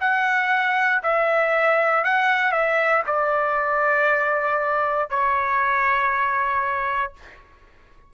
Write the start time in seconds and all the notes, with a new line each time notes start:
0.00 F#5
1.03 E5
2.04 F#5
2.51 E5
3.06 D5
5.09 C#5